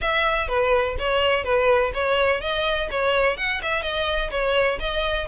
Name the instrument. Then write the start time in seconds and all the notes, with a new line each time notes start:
violin
0.01 E5
0.48 B4
0.99 C#5
1.44 B4
1.93 C#5
2.40 D#5
2.90 C#5
3.37 F#5
3.62 E5
3.82 D#5
4.30 C#5
4.79 D#5